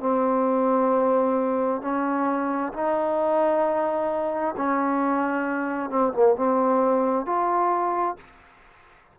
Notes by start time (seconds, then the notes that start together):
0.00 C4
1.82 C#4
2.73 D#4
4.57 C#4
5.90 C4
6.13 A#3
6.36 C4
7.26 F4